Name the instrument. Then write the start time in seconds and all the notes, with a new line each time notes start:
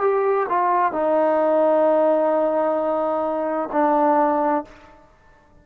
trombone
0.00 G4
0.48 F4
0.92 D#4
3.72 D4